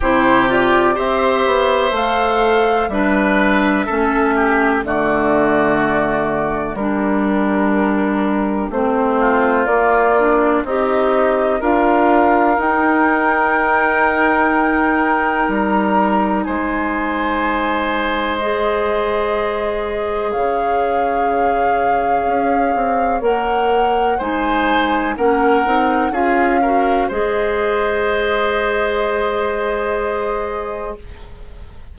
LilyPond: <<
  \new Staff \with { instrumentName = "flute" } { \time 4/4 \tempo 4 = 62 c''8 d''8 e''4 f''4 e''4~ | e''4 d''2 ais'4~ | ais'4 c''4 d''4 dis''4 | f''4 g''2. |
ais''4 gis''2 dis''4~ | dis''4 f''2. | fis''4 gis''4 fis''4 f''4 | dis''1 | }
  \new Staff \with { instrumentName = "oboe" } { \time 4/4 g'4 c''2 b'4 | a'8 g'8 fis'2 g'4~ | g'4. f'4. dis'4 | ais'1~ |
ais'4 c''2.~ | c''4 cis''2.~ | cis''4 c''4 ais'4 gis'8 ais'8 | c''1 | }
  \new Staff \with { instrumentName = "clarinet" } { \time 4/4 e'8 f'8 g'4 a'4 d'4 | cis'4 a2 d'4~ | d'4 c'4 ais8 d'8 g'4 | f'4 dis'2.~ |
dis'2. gis'4~ | gis'1 | ais'4 dis'4 cis'8 dis'8 f'8 fis'8 | gis'1 | }
  \new Staff \with { instrumentName = "bassoon" } { \time 4/4 c4 c'8 b8 a4 g4 | a4 d2 g4~ | g4 a4 ais4 c'4 | d'4 dis'2. |
g4 gis2.~ | gis4 cis2 cis'8 c'8 | ais4 gis4 ais8 c'8 cis'4 | gis1 | }
>>